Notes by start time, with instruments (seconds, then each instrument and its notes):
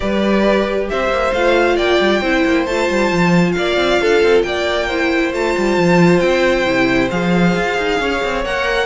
0.00 cello G3, viola G4, violin B4 D5
0.89 cello C4, violin C5 E5
1.09 cello A#3
1.33 cello A3, viola F4, violin F5
1.76 cello A#3, violin D5 G5
2.00 cello G3
2.20 cello C4, viola E4, violin C5
2.45 cello A#3
2.66 cello A3, viola F4, violin A5
2.89 cello G3
3.11 cello F3
3.52 cello A#3, violin F5
3.58 violin D5
3.76 cello C4
4.01 cello D4, violin A4
4.22 cello C4
4.43 cello A#3, violin D5 G5
4.87 viola E4, violin C5
5.32 cello A3, viola F4, violin A5
5.57 cello G3
5.77 cello F3
6.19 cello C4, violin G5
6.65 cello C3, viola E4
7.11 cello F3, viola G#4, violin F5
7.56 cello F4
7.77 cello D#4
7.99 cello C#4, violin C#5
8.24 cello C4
8.44 cello A#3, viola A#4, violin F#5